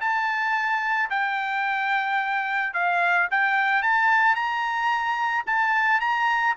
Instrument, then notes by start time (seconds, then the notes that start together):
trumpet
0.00 A5
1.09 G5
2.73 F5
3.30 G5
3.82 A5
4.35 A#5
5.46 A5
6.00 A#5